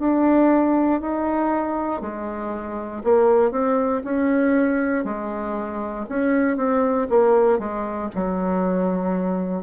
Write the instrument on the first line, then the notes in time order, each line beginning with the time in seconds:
bassoon
0.00 D4
1.01 D#4
2.02 G#3
3.04 A#3
3.51 C4
4.04 C#4
5.05 G#3
6.09 C#4
6.57 C4
7.10 A#3
7.59 G#3
8.16 F#3